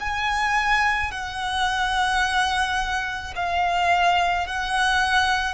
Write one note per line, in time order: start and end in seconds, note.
0.00 1.11 G#5
1.11 3.33 F#5
3.35 4.46 F5
4.46 5.54 F#5